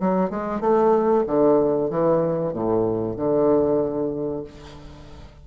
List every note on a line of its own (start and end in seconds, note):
0.00 0.30 F#3
0.30 0.60 G#3
0.60 1.24 A3
1.27 1.90 D3
1.90 2.53 E3
2.53 3.16 A2
3.16 4.44 D3